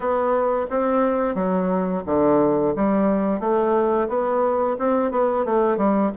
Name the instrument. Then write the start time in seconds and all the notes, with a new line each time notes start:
bassoon
0.00 B3
0.70 C4
1.34 F#3
2.06 D3
2.75 G3
3.39 A3
4.08 B3
4.79 C4
5.11 B3
5.45 A3
5.77 G3